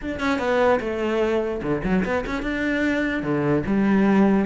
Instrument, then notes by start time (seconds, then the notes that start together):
cello
0.01 D4
0.19 C#4
0.39 B3
0.80 A3
1.62 D3
1.84 F#3
2.04 B3
2.26 C#4
2.42 D4
3.22 D3
3.66 G3